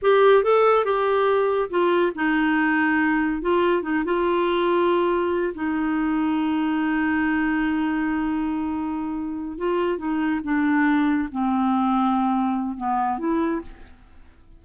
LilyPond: \new Staff \with { instrumentName = "clarinet" } { \time 4/4 \tempo 4 = 141 g'4 a'4 g'2 | f'4 dis'2. | f'4 dis'8 f'2~ f'8~ | f'4 dis'2.~ |
dis'1~ | dis'2~ dis'8 f'4 dis'8~ | dis'8 d'2 c'4.~ | c'2 b4 e'4 | }